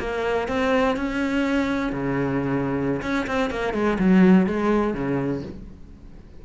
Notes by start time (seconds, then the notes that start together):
0.00 A#3
0.48 C4
0.97 C#4
1.93 C#3
3.02 C#4
3.27 C4
3.51 A#3
3.74 G#3
3.99 F#3
4.46 G#3
4.94 C#3